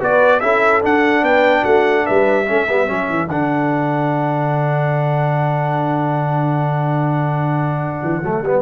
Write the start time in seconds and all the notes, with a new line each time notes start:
0.00 B3 F#4 B4 D5
0.40 C#4 E4 A4 E5
0.82 D4 F#5
1.22 B3 B4 G5
1.62 A3 F#4 F#5
2.06 G3 B4 E5
2.47 A3 C#4 A4
2.69 G3 B3
2.87 F#3 C#4
3.09 E3
3.28 D3 D4 F#5
8.03 E3
8.22 F#3 A3
8.42 G3 B3